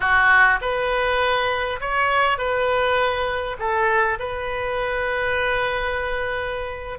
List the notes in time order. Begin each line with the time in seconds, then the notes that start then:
0.00 F#4
0.61 B4
1.80 C#5
2.38 B4
3.59 A4
4.19 B4